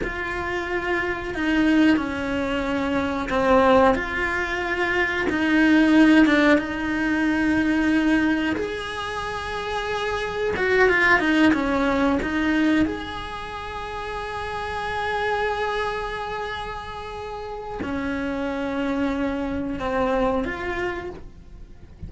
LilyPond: \new Staff \with { instrumentName = "cello" } { \time 4/4 \tempo 4 = 91 f'2 dis'4 cis'4~ | cis'4 c'4 f'2 | dis'4. d'8 dis'2~ | dis'4 gis'2. |
fis'8 f'8 dis'8 cis'4 dis'4 gis'8~ | gis'1~ | gis'2. cis'4~ | cis'2 c'4 f'4 | }